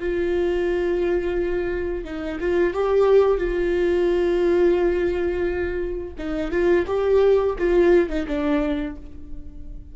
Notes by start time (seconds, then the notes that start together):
0.00 F4
2.05 D#4
2.40 F4
2.74 G4
3.38 F4
6.18 D#4
6.51 F4
6.87 G4
7.59 F4
8.09 D#4
8.28 D4